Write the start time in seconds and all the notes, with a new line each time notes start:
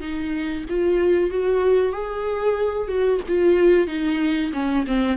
0.00 D#4
0.69 F4
1.31 F#4
1.93 G#4
2.88 F#4
3.29 F4
3.87 D#4
4.53 C#4
4.87 C4